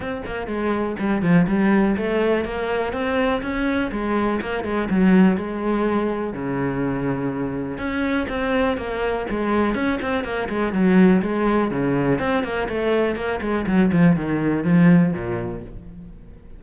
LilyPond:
\new Staff \with { instrumentName = "cello" } { \time 4/4 \tempo 4 = 123 c'8 ais8 gis4 g8 f8 g4 | a4 ais4 c'4 cis'4 | gis4 ais8 gis8 fis4 gis4~ | gis4 cis2. |
cis'4 c'4 ais4 gis4 | cis'8 c'8 ais8 gis8 fis4 gis4 | cis4 c'8 ais8 a4 ais8 gis8 | fis8 f8 dis4 f4 ais,4 | }